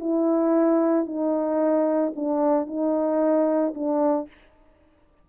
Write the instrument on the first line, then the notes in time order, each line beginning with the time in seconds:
horn
0.00 E4
1.06 D#4
2.16 D4
2.67 D#4
3.75 D4